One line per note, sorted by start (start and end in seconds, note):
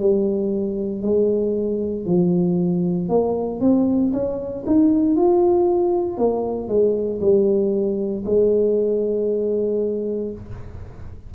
0.00 1.03 G3
1.03 2.06 G#3
2.06 3.09 F3
3.09 3.61 A#3
3.61 4.12 C4
4.13 4.65 C#4
4.67 5.16 D#4
5.16 6.18 F4
6.18 6.68 A#3
6.68 7.20 G#3
7.21 8.24 G3
8.26 10.33 G#3